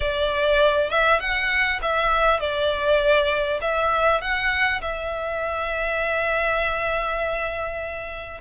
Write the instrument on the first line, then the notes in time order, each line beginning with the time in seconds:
violin
0.00 D5
0.89 E5
1.20 F#5
1.81 E5
2.40 D5
3.61 E5
4.21 F#5
4.81 E5